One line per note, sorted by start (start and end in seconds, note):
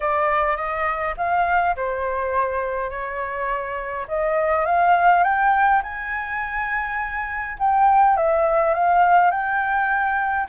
0.00 0.56 D5
0.56 1.14 D#5
1.17 1.75 F5
1.76 2.89 C5
2.89 4.06 C#5
4.08 4.65 D#5
4.65 5.23 F5
5.23 5.81 G5
5.83 7.57 G#5
7.58 8.16 G5
8.16 8.74 E5
8.74 9.30 F5
9.30 10.47 G5